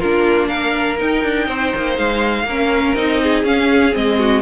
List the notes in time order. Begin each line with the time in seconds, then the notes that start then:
0.00 A#3 D4 F4 A#4
0.49 A#4 F5
0.98 D#4 G5
1.24 D4
1.47 C4 C5
1.76 A#3
1.97 G#3 F5
2.44 A#3 C#4 A#4
2.95 C4 D#4 D#5
3.23 G#4
3.44 C#4 F5
3.92 G#3 C4 D#5
4.20 F#4